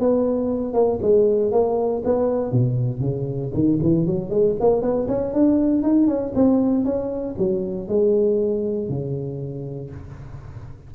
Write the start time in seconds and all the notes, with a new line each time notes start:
0.00 B3
0.74 A#3
1.02 G#3
1.52 A#3
2.05 B3
2.52 B2
3.01 C#3
3.54 D#3
3.83 E3
4.07 F#3
4.30 G#3
4.61 A#3
4.82 B3
5.08 C#4
5.33 D4
5.83 D#4
6.08 C#4
6.35 C4
6.85 C#4
7.39 F#3
7.88 G#3
8.89 C#3